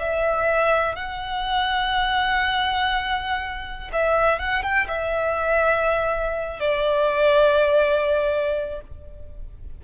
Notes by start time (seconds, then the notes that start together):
0.00 E5
0.96 F#5
3.93 E5
4.39 F#5
4.63 G5
4.88 E5
6.60 D5